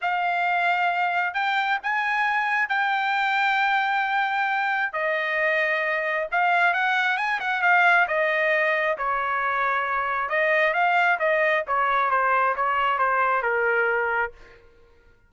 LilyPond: \new Staff \with { instrumentName = "trumpet" } { \time 4/4 \tempo 4 = 134 f''2. g''4 | gis''2 g''2~ | g''2. dis''4~ | dis''2 f''4 fis''4 |
gis''8 fis''8 f''4 dis''2 | cis''2. dis''4 | f''4 dis''4 cis''4 c''4 | cis''4 c''4 ais'2 | }